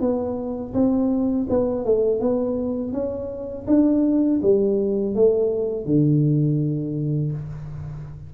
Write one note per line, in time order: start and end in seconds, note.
0.00 0.73 B3
0.74 1.47 C4
1.49 1.85 B3
1.85 2.20 A3
2.20 2.92 B3
2.92 3.66 C#4
3.67 4.40 D4
4.42 5.15 G3
5.15 5.85 A3
5.85 7.31 D3